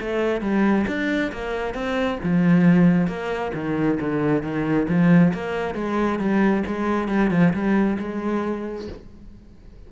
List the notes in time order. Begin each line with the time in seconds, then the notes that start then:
0.00 A3
0.41 G3
0.87 D4
1.32 A#3
1.74 C4
2.23 F3
3.07 A#3
3.54 D#3
4.00 D3
4.42 D#3
4.88 F3
5.34 A#3
5.75 G#3
6.19 G3
6.66 G#3
7.08 G3
7.31 F3
7.53 G3
7.99 G#3